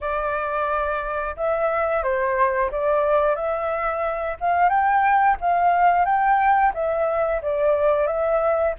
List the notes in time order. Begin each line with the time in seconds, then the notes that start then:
0.00 D5
1.36 E5
2.03 C5
2.71 D5
3.35 E5
4.40 F5
4.69 G5
5.41 F5
6.05 G5
6.74 E5
7.42 D5
8.07 E5